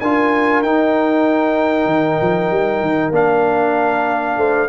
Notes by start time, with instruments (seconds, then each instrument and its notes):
0.00 tuba D4, trombone F4, horn A#4, trumpet G#5
0.62 tuba D#4, trombone D#4, trumpet G5
1.86 tuba D#3
2.21 tuba F3
2.51 tuba G3
2.81 tuba D#3
3.11 tuba A#3, trombone D4, trumpet F5
4.37 tuba A3, horn C5